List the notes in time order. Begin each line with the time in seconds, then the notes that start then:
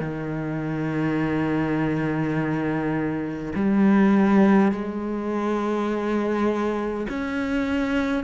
0.00 D#3
3.55 G3
4.72 G#3
7.10 C#4